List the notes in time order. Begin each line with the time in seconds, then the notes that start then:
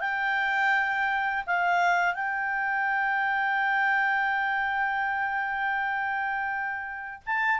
0.00 G5
1.47 F5
2.14 G5
7.26 A5